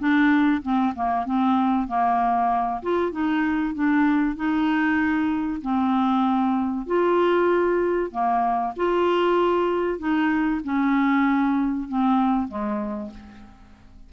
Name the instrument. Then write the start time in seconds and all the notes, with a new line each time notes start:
clarinet
0.00 D4
0.63 C4
0.96 A#3
1.26 C4
1.88 A#3
2.83 F4
3.12 D#4
3.75 D4
4.36 D#4
5.62 C4
6.87 F4
8.12 A#3
8.77 F4
9.99 D#4
10.64 C#4
11.89 C4
12.49 G#3